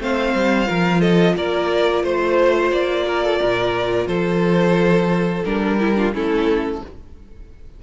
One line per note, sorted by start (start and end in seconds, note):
0.00 0.34 A3
0.00 0.66 C4
0.00 0.68 C5
0.00 1.01 F5
0.34 0.68 G3
0.66 1.36 F3
0.66 5.43 F4
0.66 1.01 A#4
1.01 1.35 A4
1.01 1.35 D#5
1.36 2.04 A#3
1.36 2.03 A#4
1.36 2.05 D5
2.03 2.72 A3
2.03 3.05 C5
2.03 2.72 C5
2.72 3.40 A#3
2.72 4.07 D5
3.07 3.24 A#4
3.24 3.40 A4
3.40 4.07 A#2
3.40 4.08 A#4
4.07 5.43 F3
4.07 5.76 A4
4.07 5.44 C5
5.45 6.13 G3
5.45 5.80 D4
5.45 6.13 A#4
5.76 5.96 E4
5.76 5.93 G4
5.96 6.13 D4
5.96 6.14 F4
6.13 6.81 A3
6.13 6.82 C#4
6.13 6.83 E4
6.13 6.83 A4